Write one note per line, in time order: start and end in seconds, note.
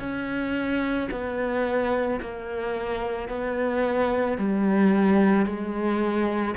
0.00 1.09 C#4
1.12 2.21 B3
2.21 3.29 A#3
3.29 4.38 B3
4.38 5.46 G3
5.46 6.55 G#3